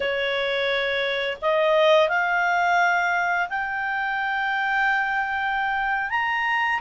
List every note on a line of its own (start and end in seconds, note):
0.00 1.37 C#5
1.41 2.08 D#5
2.08 3.48 F5
3.49 6.10 G5
6.10 6.80 A#5